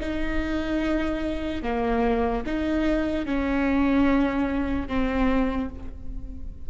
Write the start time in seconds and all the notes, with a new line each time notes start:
0.00 D#4
1.63 A#3
2.46 D#4
3.26 C#4
4.88 C4